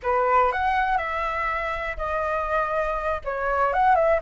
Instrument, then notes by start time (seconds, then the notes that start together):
flute
0.02 B4
0.52 F#5
0.97 E5
1.97 D#5
3.24 C#5
3.73 F#5
3.95 E5